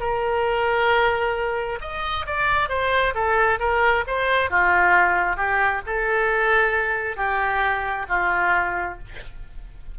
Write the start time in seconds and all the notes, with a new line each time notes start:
0.00 A#4
1.81 D#5
2.26 D5
2.69 C5
3.15 A4
3.59 A#4
4.07 C5
4.50 F4
5.36 G4
5.86 A4
7.16 G4
8.09 F4